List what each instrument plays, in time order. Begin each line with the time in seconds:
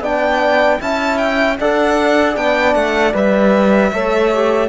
0.00 cello B3, trombone D4, horn D5, violin G5
0.80 cello C#4, trombone E4, horn E5, violin A5
1.18 violin G5
1.60 cello D4, trombone A4, horn D5, violin F#5
2.36 cello B3, trombone D4, violin G5
2.74 cello A3, violin F#5
3.13 cello G3, trombone B4, violin E5
3.92 cello A3, trombone A4, horn C#5
4.33 trombone G4